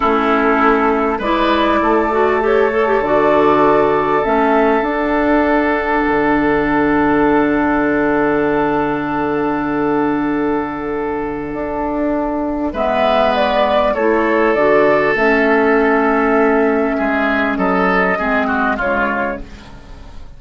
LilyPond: <<
  \new Staff \with { instrumentName = "flute" } { \time 4/4 \tempo 4 = 99 a'2 d''2 | cis''4 d''2 e''4 | fis''1~ | fis''1~ |
fis''1~ | fis''4 e''4 d''4 cis''4 | d''4 e''2.~ | e''4 dis''2 cis''4 | }
  \new Staff \with { instrumentName = "oboe" } { \time 4/4 e'2 b'4 a'4~ | a'1~ | a'1~ | a'1~ |
a'1~ | a'4 b'2 a'4~ | a'1 | gis'4 a'4 gis'8 fis'8 f'4 | }
  \new Staff \with { instrumentName = "clarinet" } { \time 4/4 cis'2 e'4. fis'8 | g'8 a'16 g'16 fis'2 cis'4 | d'1~ | d'1~ |
d'1~ | d'4 b2 e'4 | fis'4 cis'2.~ | cis'2 c'4 gis4 | }
  \new Staff \with { instrumentName = "bassoon" } { \time 4/4 a2 gis4 a4~ | a4 d2 a4 | d'2 d2~ | d1~ |
d2. d'4~ | d'4 gis2 a4 | d4 a2. | gis4 fis4 gis4 cis4 | }
>>